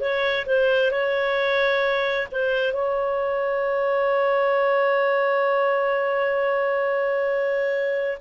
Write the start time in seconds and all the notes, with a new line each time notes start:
0.00 C#5
0.46 C5
0.91 C#5
2.32 C5
2.73 C#5